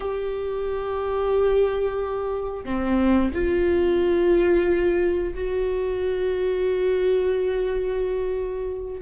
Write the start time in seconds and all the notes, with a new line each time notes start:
0.00 G4
2.64 C4
3.33 F4
5.34 F#4